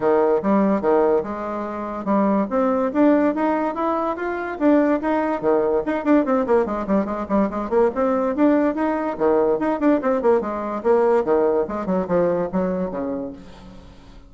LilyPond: \new Staff \with { instrumentName = "bassoon" } { \time 4/4 \tempo 4 = 144 dis4 g4 dis4 gis4~ | gis4 g4 c'4 d'4 | dis'4 e'4 f'4 d'4 | dis'4 dis4 dis'8 d'8 c'8 ais8 |
gis8 g8 gis8 g8 gis8 ais8 c'4 | d'4 dis'4 dis4 dis'8 d'8 | c'8 ais8 gis4 ais4 dis4 | gis8 fis8 f4 fis4 cis4 | }